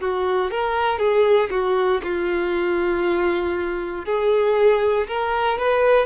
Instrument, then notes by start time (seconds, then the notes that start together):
violin
0.00 F#4
0.51 A#4
0.98 G#4
1.50 F#4
2.03 F4
4.05 G#4
5.08 A#4
5.58 B4